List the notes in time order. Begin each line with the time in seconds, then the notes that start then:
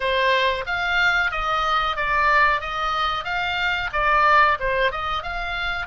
0.00 C5
0.66 F5
1.31 D#5
1.96 D5
2.61 D#5
3.24 F5
3.92 D5
4.59 C5
4.91 D#5
5.22 F5